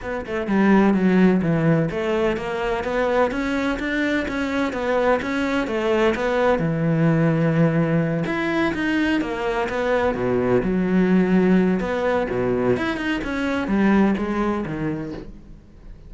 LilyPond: \new Staff \with { instrumentName = "cello" } { \time 4/4 \tempo 4 = 127 b8 a8 g4 fis4 e4 | a4 ais4 b4 cis'4 | d'4 cis'4 b4 cis'4 | a4 b4 e2~ |
e4. e'4 dis'4 ais8~ | ais8 b4 b,4 fis4.~ | fis4 b4 b,4 e'8 dis'8 | cis'4 g4 gis4 dis4 | }